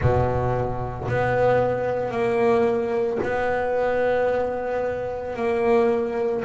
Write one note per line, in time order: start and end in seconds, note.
0.00 1.08 B2
1.08 2.11 B3
2.11 3.18 A#3
3.22 5.36 B3
5.36 6.43 A#3